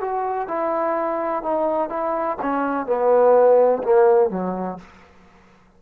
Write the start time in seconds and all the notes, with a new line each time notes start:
0.00 F#4
0.48 E4
1.42 D#4
1.89 E4
2.41 C#4
2.86 B3
3.83 A#3
4.30 F#3